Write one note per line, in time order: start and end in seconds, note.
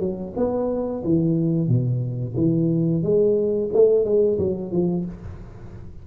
0.00 0.33 F#3
0.37 1.03 B3
1.04 1.68 E3
1.68 2.35 B2
2.36 3.03 E3
3.03 3.70 G#3
3.73 4.05 A3
4.05 4.38 G#3
4.39 4.72 F#3
4.72 5.05 F3